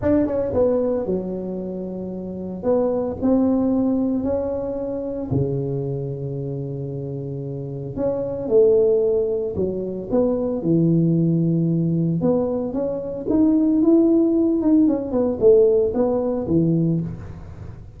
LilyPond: \new Staff \with { instrumentName = "tuba" } { \time 4/4 \tempo 4 = 113 d'8 cis'8 b4 fis2~ | fis4 b4 c'2 | cis'2 cis2~ | cis2. cis'4 |
a2 fis4 b4 | e2. b4 | cis'4 dis'4 e'4. dis'8 | cis'8 b8 a4 b4 e4 | }